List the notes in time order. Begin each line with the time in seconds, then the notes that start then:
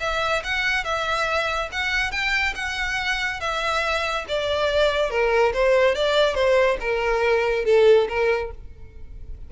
0.00 E5
0.44 F#5
0.84 E5
1.72 F#5
2.11 G5
2.55 F#5
3.40 E5
4.28 D5
5.10 A#4
5.53 C5
5.95 D5
6.35 C5
6.80 A#4
7.65 A4
8.09 A#4